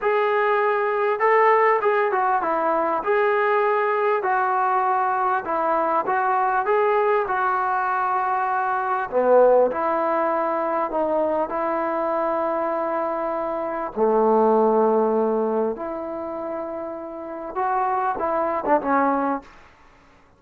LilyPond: \new Staff \with { instrumentName = "trombone" } { \time 4/4 \tempo 4 = 99 gis'2 a'4 gis'8 fis'8 | e'4 gis'2 fis'4~ | fis'4 e'4 fis'4 gis'4 | fis'2. b4 |
e'2 dis'4 e'4~ | e'2. a4~ | a2 e'2~ | e'4 fis'4 e'8. d'16 cis'4 | }